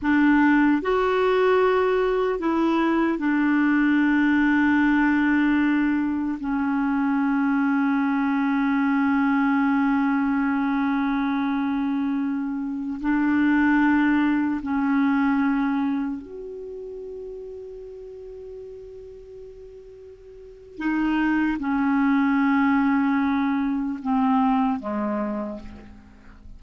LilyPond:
\new Staff \with { instrumentName = "clarinet" } { \time 4/4 \tempo 4 = 75 d'4 fis'2 e'4 | d'1 | cis'1~ | cis'1~ |
cis'16 d'2 cis'4.~ cis'16~ | cis'16 fis'2.~ fis'8.~ | fis'2 dis'4 cis'4~ | cis'2 c'4 gis4 | }